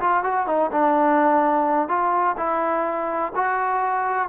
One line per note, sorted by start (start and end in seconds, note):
0.00 0.24 F4
0.24 0.47 F#4
0.47 0.71 D#4
0.72 1.89 D4
1.89 2.36 F4
2.37 3.32 E4
3.35 4.29 F#4